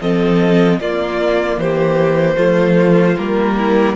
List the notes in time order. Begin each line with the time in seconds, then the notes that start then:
0.00 F3 C4 A4 D#5
0.79 A#3 F4 D5
1.56 E3 G4 C5
2.36 F3 A3 F4
3.17 G3 A#3 A#4
3.57 E4